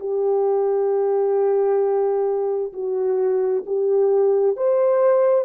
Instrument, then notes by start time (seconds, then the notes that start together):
horn
0.00 G4
2.73 F#4
3.66 G4
4.57 C5